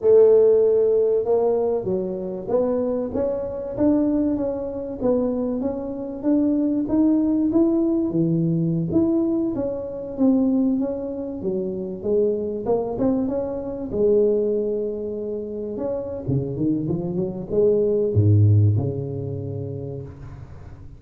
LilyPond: \new Staff \with { instrumentName = "tuba" } { \time 4/4 \tempo 4 = 96 a2 ais4 fis4 | b4 cis'4 d'4 cis'4 | b4 cis'4 d'4 dis'4 | e'4 e4~ e16 e'4 cis'8.~ |
cis'16 c'4 cis'4 fis4 gis8.~ | gis16 ais8 c'8 cis'4 gis4.~ gis16~ | gis4~ gis16 cis'8. cis8 dis8 f8 fis8 | gis4 gis,4 cis2 | }